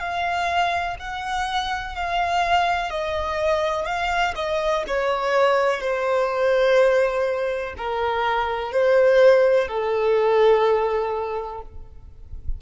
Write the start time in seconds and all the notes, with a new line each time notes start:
0.00 F5
0.99 F#5
1.95 F5
2.90 D#5
3.86 F5
4.35 D#5
4.87 C#5
5.81 C5
7.77 A#4
8.72 C5
9.68 A4